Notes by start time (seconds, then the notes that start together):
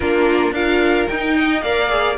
0.00 A#3 D4 F4 A#4
0.51 D4 F4 A#4 F5
1.08 D#4 G5
1.35 D#5
1.61 A#3 A#4 D5 F5
1.89 G#4